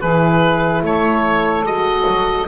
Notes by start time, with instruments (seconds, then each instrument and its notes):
0.00 double bass E3, horn E4, saxophone G#4, oboe B4
0.82 double bass A3, saxophone A4, oboe C#5
1.63 double bass G#3, horn F#4, oboe D#5
2.07 double bass F#3